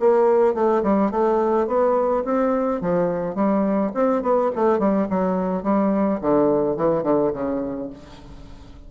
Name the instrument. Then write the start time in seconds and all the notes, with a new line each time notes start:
bassoon
0.00 A#3
0.54 A3
0.83 G3
1.11 A3
1.67 B3
2.25 C4
2.81 F3
3.35 G3
3.94 C4
4.22 B3
4.55 A3
4.79 G3
5.10 F#3
5.63 G3
6.21 D3
6.77 E3
7.03 D3
7.33 C#3